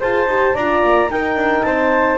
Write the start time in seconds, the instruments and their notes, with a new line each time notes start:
0.00 double bass F4, horn G#4, flute C5, clarinet A5
0.26 double bass D#4, horn G4
0.54 double bass D4, horn F4, flute D5, clarinet A#5
0.83 double bass A#3
1.10 horn D#4, double bass D#4, flute A#4, clarinet G5
1.35 double bass D4
1.63 double bass C4, flute C5, clarinet A5